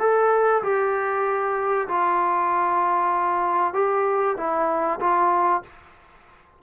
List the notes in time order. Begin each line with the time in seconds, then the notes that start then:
0.00 A4
0.63 G4
1.88 F4
3.74 G4
4.37 E4
5.00 F4